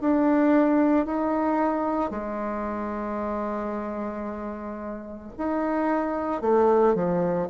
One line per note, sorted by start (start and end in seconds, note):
0.00 1.06 D4
1.06 2.10 D#4
2.10 5.32 G#3
5.38 6.41 D#4
6.41 6.94 A3
6.94 7.48 F3